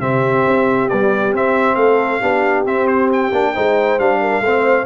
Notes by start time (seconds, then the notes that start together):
0.00 C3 C4 G4 E5
0.48 C4
0.89 G3 B3 D5
1.33 C4 E5
1.75 A3 A4 F5
2.20 B3 D4 G4
2.65 C4 E5
2.87 C5
3.12 G5
3.32 A#3 D4
3.53 G#3 D#4 C5
3.99 G3 D4 F5
4.21 A#4
4.40 A3 C4 C5